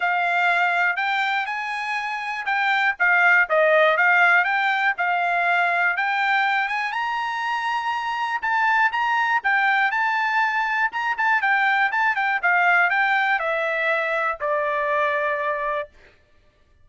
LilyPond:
\new Staff \with { instrumentName = "trumpet" } { \time 4/4 \tempo 4 = 121 f''2 g''4 gis''4~ | gis''4 g''4 f''4 dis''4 | f''4 g''4 f''2 | g''4. gis''8 ais''2~ |
ais''4 a''4 ais''4 g''4 | a''2 ais''8 a''8 g''4 | a''8 g''8 f''4 g''4 e''4~ | e''4 d''2. | }